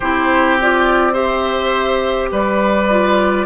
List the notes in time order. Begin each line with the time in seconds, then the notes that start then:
0.00 C4 E4 G4 C5
0.60 F4 D5
1.12 G4 C5 E5
2.31 G3 B4 D5
2.89 F4